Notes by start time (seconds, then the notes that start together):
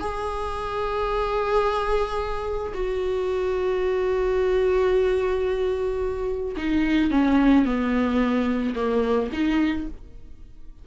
0.00 G#4
2.74 F#4
6.57 D#4
7.11 C#4
7.65 B3
8.75 A#3
9.33 D#4